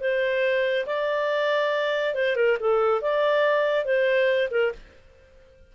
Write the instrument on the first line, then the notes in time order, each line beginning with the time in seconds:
clarinet
0.00 C5
0.86 D5
2.14 C5
2.36 A#4
2.59 A4
3.01 D5
3.85 C5
4.50 A#4